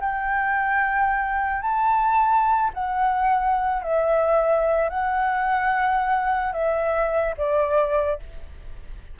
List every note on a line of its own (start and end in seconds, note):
0.00 1.62 G5
1.62 2.71 A5
2.73 3.82 F#5
3.82 4.89 E5
4.89 6.53 F#5
6.53 7.34 E5
7.37 8.19 D5